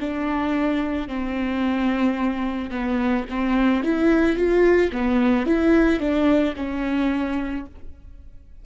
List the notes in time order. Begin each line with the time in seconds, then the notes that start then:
0.00 D4
1.08 C4
2.71 B3
3.30 C4
3.84 E4
4.37 F4
4.92 B3
5.46 E4
6.00 D4
6.57 C#4